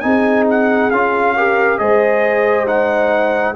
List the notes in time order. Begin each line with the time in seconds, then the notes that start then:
0.00 C4 D#4 G#4 G#5
0.50 F#5
0.91 C#4 F4 F5
1.36 G4 A#4
1.78 G#3 G#4 C5 D#5
2.67 D#4 F#5